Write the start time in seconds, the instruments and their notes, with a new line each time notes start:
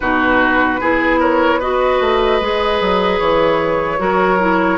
0.00 bassoon B2, clarinet D#4, oboe F#4, flute B4
0.80 bassoon B3, clarinet E4, oboe G#4
1.19 oboe A#4, flute C#5
1.59 clarinet F#4, oboe B4, flute D#5
2.00 bassoon A3
2.40 bassoon G#3, clarinet G#4
2.80 bassoon F#3
3.19 bassoon E3, flute C#5
3.98 bassoon F#3, clarinet F#4, oboe A#4
4.39 clarinet E4